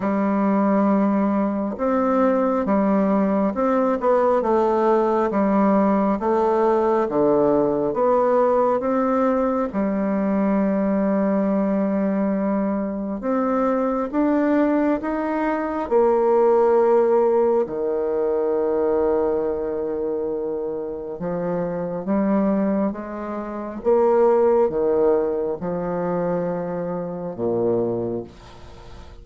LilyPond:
\new Staff \with { instrumentName = "bassoon" } { \time 4/4 \tempo 4 = 68 g2 c'4 g4 | c'8 b8 a4 g4 a4 | d4 b4 c'4 g4~ | g2. c'4 |
d'4 dis'4 ais2 | dis1 | f4 g4 gis4 ais4 | dis4 f2 ais,4 | }